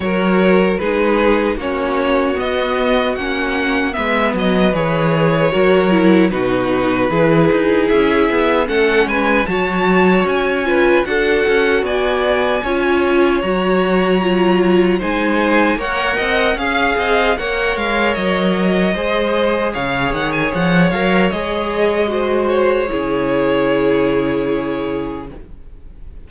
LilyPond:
<<
  \new Staff \with { instrumentName = "violin" } { \time 4/4 \tempo 4 = 76 cis''4 b'4 cis''4 dis''4 | fis''4 e''8 dis''8 cis''2 | b'2 e''4 fis''8 gis''8 | a''4 gis''4 fis''4 gis''4~ |
gis''4 ais''2 gis''4 | fis''4 f''4 fis''8 f''8 dis''4~ | dis''4 f''8 fis''16 gis''16 fis''8 f''8 dis''4~ | dis''8 cis''2.~ cis''8 | }
  \new Staff \with { instrumentName = "violin" } { \time 4/4 ais'4 gis'4 fis'2~ | fis'4 b'2 ais'4 | fis'4 gis'2 a'8 b'8 | cis''4. b'8 a'4 d''4 |
cis''2. c''4 | cis''8 dis''8 f''8 dis''8 cis''2 | c''4 cis''2. | c''4 gis'2. | }
  \new Staff \with { instrumentName = "viola" } { \time 4/4 fis'4 dis'4 cis'4 b4 | cis'4 b4 gis'4 fis'8 e'8 | dis'4 e'2 cis'4 | fis'4. f'8 fis'2 |
f'4 fis'4 f'4 dis'4 | ais'4 gis'4 ais'2 | gis'2~ gis'8 ais'8 gis'4 | fis'4 e'2. | }
  \new Staff \with { instrumentName = "cello" } { \time 4/4 fis4 gis4 ais4 b4 | ais4 gis8 fis8 e4 fis4 | b,4 e8 dis'8 cis'8 b8 a8 gis8 | fis4 cis'4 d'8 cis'8 b4 |
cis'4 fis2 gis4 | ais8 c'8 cis'8 c'8 ais8 gis8 fis4 | gis4 cis8 dis8 f8 fis8 gis4~ | gis4 cis2. | }
>>